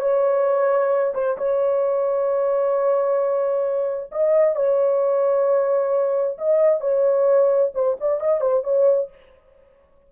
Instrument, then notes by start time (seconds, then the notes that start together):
horn
0.00 C#5
1.14 C5
1.38 C#5
4.12 D#5
4.56 C#5
6.38 D#5
6.81 C#5
7.75 C5
8.00 D5
8.20 D#5
8.41 C5
8.64 C#5